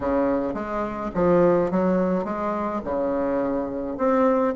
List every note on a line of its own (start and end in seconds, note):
0.00 0.54 C#3
0.54 1.10 G#3
1.14 1.70 F3
1.70 2.24 F#3
2.24 2.80 G#3
2.84 3.97 C#3
3.97 4.54 C4